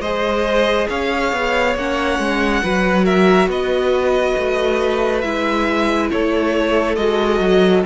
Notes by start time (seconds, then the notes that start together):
0.00 G#3 G#4 C5 D#5
0.89 C#4 C#5 F5
1.32 B3
1.75 A#3 C#4 F#5
2.19 G#3
2.63 F#3 F#4 B4
3.05 A#4 E5
3.47 B3 B4 D#5
4.38 A3
5.21 G#3 E4 E5
6.11 A3 A4 C#5
6.96 G#3 F#4 D#5
7.40 F#3